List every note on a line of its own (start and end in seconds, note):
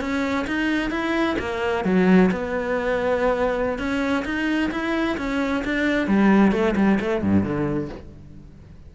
0.00 0.46 C#4
0.47 0.91 D#4
0.91 1.36 E4
1.39 1.85 A#3
1.85 2.31 F#3
2.31 3.79 B3
3.79 4.24 C#4
4.25 4.71 D#4
4.71 5.17 E4
5.18 5.63 C#4
5.64 6.07 D4
6.07 6.52 G3
6.52 6.75 A3
6.76 6.99 G3
7.00 7.22 A3
7.22 7.43 G2
7.43 7.89 D3